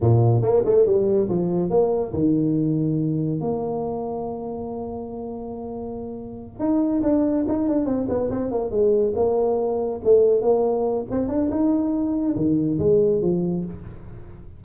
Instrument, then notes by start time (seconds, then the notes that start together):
tuba
0.00 A#2
0.41 A#3
0.65 A3
0.85 G3
1.29 F3
1.70 A#3
2.13 D#3
3.40 A#3
6.59 D#4
7.02 D4
7.48 D#4
7.68 D4
7.85 C4
8.09 B3
8.30 C4
8.51 A#3
8.70 G#3
9.15 A#3
10.03 A3
10.41 A#3
11.10 C4
11.28 D4
11.50 D#4
12.36 D#3
12.79 G#3
13.21 F3